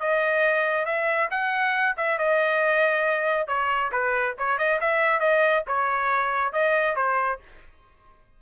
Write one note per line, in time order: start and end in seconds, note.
0.00 0.86 D#5
0.86 1.29 E5
1.31 1.96 F#5
1.98 2.19 E5
2.19 3.48 D#5
3.48 3.92 C#5
3.92 4.36 B4
4.39 4.58 C#5
4.58 4.80 D#5
4.81 5.20 E5
5.20 5.64 D#5
5.67 6.53 C#5
6.53 6.96 D#5
6.96 7.40 C5